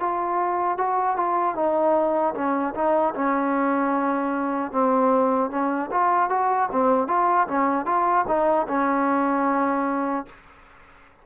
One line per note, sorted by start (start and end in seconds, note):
0.00 0.78 F4
0.78 1.17 F#4
1.17 1.55 F4
1.55 2.34 D#4
2.35 2.74 C#4
2.75 3.14 D#4
3.15 4.72 C#4
4.72 5.50 C4
5.51 5.90 C#4
5.91 6.30 F4
6.30 6.69 F#4
6.72 7.08 C4
7.08 7.47 F4
7.48 7.86 C#4
7.86 8.25 F4
8.28 8.67 D#4
8.68 10.26 C#4